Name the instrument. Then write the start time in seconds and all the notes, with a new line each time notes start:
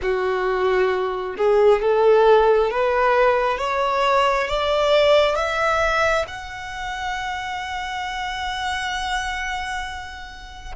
violin
0.02 F#4
1.37 G#4
1.82 A4
2.71 B4
3.58 C#5
4.47 D5
5.35 E5
6.27 F#5